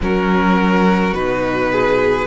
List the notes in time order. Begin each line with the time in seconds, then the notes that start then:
0.01 F#3 C#4 F#4 A#4
1.13 B2 D#4 B4
1.71 G#4